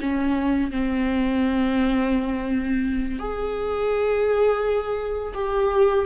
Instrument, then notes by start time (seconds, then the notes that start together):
viola
0.00 C#4
0.71 C4
3.19 G#4
5.34 G4